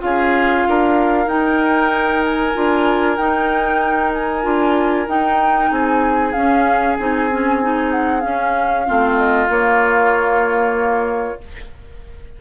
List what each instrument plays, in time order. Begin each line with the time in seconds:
0.00 bassoon C#4, clarinet F4, oboe G#4, flute F5
0.68 bassoon D4, oboe A#4
1.27 bassoon D#4, clarinet D#4, flute G5
2.25 flute G#5
2.55 bassoon D4, clarinet F4
3.17 clarinet D#4, bassoon D#4, flute G5
4.14 flute G#5
4.43 bassoon D4, clarinet F4
5.08 bassoon D#4, clarinet D#4, flute G5
5.71 bassoon C4, oboe G#4, flute G#5
6.33 clarinet C#4, bassoon C#4, flute F5
6.99 bassoon C4, clarinet D#4, flute G#5
7.31 clarinet C#4
7.62 clarinet D#4
7.92 flute F#5
8.21 clarinet C#4, bassoon C#4, flute F5
8.86 bassoon A3, clarinet C4, oboe F4
9.17 flute D#5
9.49 bassoon A#3, clarinet A#3, flute C#5